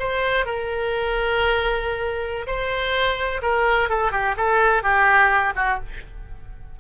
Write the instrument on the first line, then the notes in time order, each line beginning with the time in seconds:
oboe
0.00 C5
0.46 A#4
2.47 C5
3.43 A#4
3.90 A4
4.12 G4
4.37 A4
4.83 G4
5.56 F#4